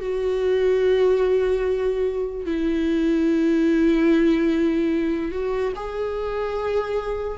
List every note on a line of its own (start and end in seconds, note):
0.00 2.46 F#4
2.46 5.32 E4
5.32 5.73 F#4
5.76 7.38 G#4